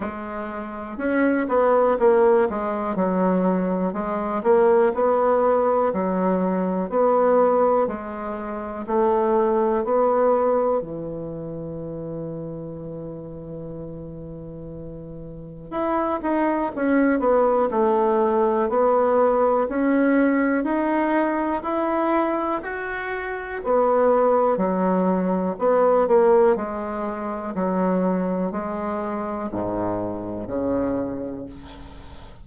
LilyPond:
\new Staff \with { instrumentName = "bassoon" } { \time 4/4 \tempo 4 = 61 gis4 cis'8 b8 ais8 gis8 fis4 | gis8 ais8 b4 fis4 b4 | gis4 a4 b4 e4~ | e1 |
e'8 dis'8 cis'8 b8 a4 b4 | cis'4 dis'4 e'4 fis'4 | b4 fis4 b8 ais8 gis4 | fis4 gis4 gis,4 cis4 | }